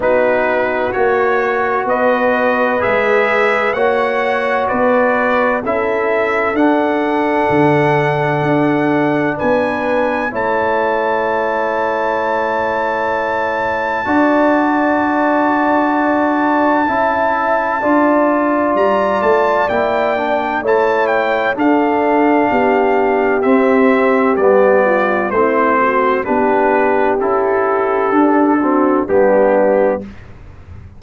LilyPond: <<
  \new Staff \with { instrumentName = "trumpet" } { \time 4/4 \tempo 4 = 64 b'4 cis''4 dis''4 e''4 | fis''4 d''4 e''4 fis''4~ | fis''2 gis''4 a''4~ | a''1~ |
a''1 | ais''8 a''8 g''4 a''8 g''8 f''4~ | f''4 e''4 d''4 c''4 | b'4 a'2 g'4 | }
  \new Staff \with { instrumentName = "horn" } { \time 4/4 fis'2 b'2 | cis''4 b'4 a'2~ | a'2 b'4 cis''4~ | cis''2. d''4~ |
d''2 e''4 d''4~ | d''2 cis''4 a'4 | g'2~ g'8 f'8 e'8 fis'8 | g'2~ g'8 fis'8 d'4 | }
  \new Staff \with { instrumentName = "trombone" } { \time 4/4 dis'4 fis'2 gis'4 | fis'2 e'4 d'4~ | d'2. e'4~ | e'2. fis'4~ |
fis'2 e'4 f'4~ | f'4 e'8 d'8 e'4 d'4~ | d'4 c'4 b4 c'4 | d'4 e'4 d'8 c'8 b4 | }
  \new Staff \with { instrumentName = "tuba" } { \time 4/4 b4 ais4 b4 gis4 | ais4 b4 cis'4 d'4 | d4 d'4 b4 a4~ | a2. d'4~ |
d'2 cis'4 d'4 | g8 a8 ais4 a4 d'4 | b4 c'4 g4 a4 | b4 cis'4 d'4 g4 | }
>>